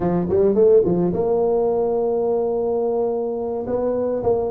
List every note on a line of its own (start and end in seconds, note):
0.00 0.27 F3
0.29 0.55 G3
0.55 0.83 A3
0.84 1.12 F3
1.13 3.65 A#3
3.66 4.22 B3
4.23 4.51 A#3